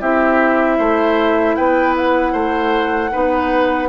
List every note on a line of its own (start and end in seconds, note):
0.00 0.79 C4
0.00 3.11 E4
0.00 0.77 G4
0.00 1.55 E5
0.77 1.56 A3
0.77 1.55 C5
1.55 2.33 B3
1.55 2.32 B4
1.55 1.94 G5
1.96 3.89 F#5
2.32 3.11 A3
2.32 3.10 C5
3.11 3.89 B3
3.11 3.89 D#4
3.11 3.89 B4